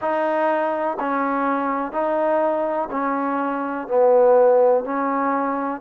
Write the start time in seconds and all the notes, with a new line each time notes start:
0.00 D#4
0.99 C#4
1.91 D#4
2.90 C#4
3.87 B3
4.84 C#4